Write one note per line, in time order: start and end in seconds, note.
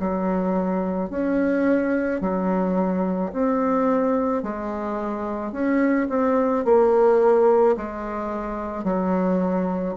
0.00 1.10 F#3
1.10 2.21 C#4
2.21 3.32 F#3
3.33 4.43 C4
4.43 5.52 G#3
5.52 6.08 C#4
6.09 6.65 C4
6.65 7.76 A#3
7.77 8.84 G#3
8.84 9.95 F#3